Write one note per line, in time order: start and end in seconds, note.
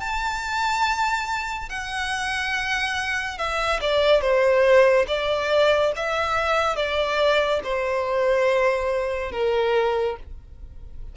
0.00 1.69 A5
1.69 3.38 F#5
3.38 3.80 E5
3.81 4.21 D5
4.21 5.06 C5
5.07 5.92 D5
5.96 6.76 E5
6.76 7.61 D5
7.63 9.31 C5
9.31 10.16 A#4